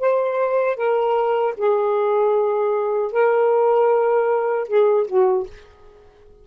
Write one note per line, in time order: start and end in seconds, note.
0.00 0.77 C5
0.77 1.54 A#4
1.57 3.12 G#4
3.12 4.68 A#4
4.68 5.07 G#4
5.07 5.46 F#4